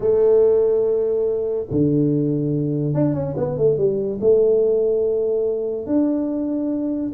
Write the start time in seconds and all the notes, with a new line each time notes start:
0.00 A3
1.71 D3
2.94 D4
3.14 C#4
3.36 B3
3.57 A3
3.77 G3
4.21 A3
5.86 D4